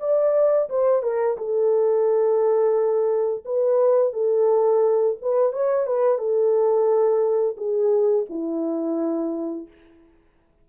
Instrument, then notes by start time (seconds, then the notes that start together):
horn
0.00 D5
0.70 C5
1.03 A#4
1.38 A4
3.45 B4
4.13 A4
5.22 B4
5.53 C#5
5.87 B4
6.18 A4
7.57 G#4
8.29 E4